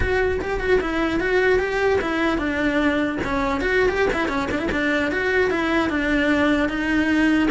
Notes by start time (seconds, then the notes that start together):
0.00 F#4
0.41 G4
0.60 F#4
0.81 E4
1.19 F#4
1.59 G4
2.01 E4
2.37 D4
3.23 C#4
3.61 F#4
3.88 G4
4.13 E4
4.28 C#4
4.51 D4
4.59 E4
4.71 D4
5.11 F#4
5.50 E4
5.89 D4
6.68 D#4